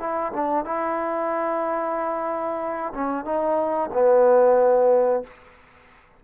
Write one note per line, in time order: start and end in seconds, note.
0.00 0.33 E4
0.33 0.65 D4
0.65 2.93 E4
2.95 3.25 C#4
3.25 3.90 D#4
3.93 5.24 B3